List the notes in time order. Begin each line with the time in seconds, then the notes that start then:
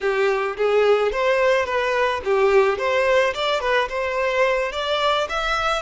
0.01 G4
0.57 G#4
1.12 C5
1.65 B4
2.24 G4
2.78 C5
3.34 D5
3.60 B4
3.88 C5
4.72 D5
5.29 E5